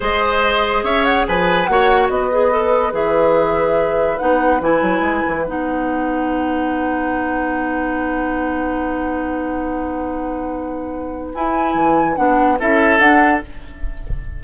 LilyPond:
<<
  \new Staff \with { instrumentName = "flute" } { \time 4/4 \tempo 4 = 143 dis''2 e''8 fis''8 gis''4 | fis''4 dis''2 e''4~ | e''2 fis''4 gis''4~ | gis''4 fis''2.~ |
fis''1~ | fis''1~ | fis''2. gis''4~ | gis''4 fis''4 e''4 fis''4 | }
  \new Staff \with { instrumentName = "oboe" } { \time 4/4 c''2 cis''4 b'4 | cis''4 b'2.~ | b'1~ | b'1~ |
b'1~ | b'1~ | b'1~ | b'2 a'2 | }
  \new Staff \with { instrumentName = "clarinet" } { \time 4/4 gis'1 | fis'4. gis'8 a'4 gis'4~ | gis'2 dis'4 e'4~ | e'4 dis'2.~ |
dis'1~ | dis'1~ | dis'2. e'4~ | e'4 d'4 e'4 d'4 | }
  \new Staff \with { instrumentName = "bassoon" } { \time 4/4 gis2 cis'4 f4 | ais4 b2 e4~ | e2 b4 e8 fis8 | gis8 e8 b2.~ |
b1~ | b1~ | b2. e'4 | e4 b4 cis'4 d'4 | }
>>